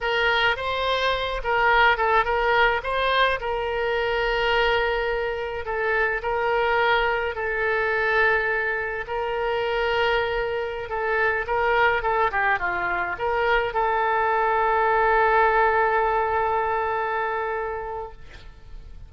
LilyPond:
\new Staff \with { instrumentName = "oboe" } { \time 4/4 \tempo 4 = 106 ais'4 c''4. ais'4 a'8 | ais'4 c''4 ais'2~ | ais'2 a'4 ais'4~ | ais'4 a'2. |
ais'2.~ ais'16 a'8.~ | a'16 ais'4 a'8 g'8 f'4 ais'8.~ | ais'16 a'2.~ a'8.~ | a'1 | }